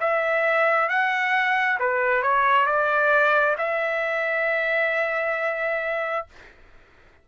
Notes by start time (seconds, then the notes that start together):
0.00 E5
0.89 F#5
1.79 B4
2.22 C#5
2.66 D5
3.58 E5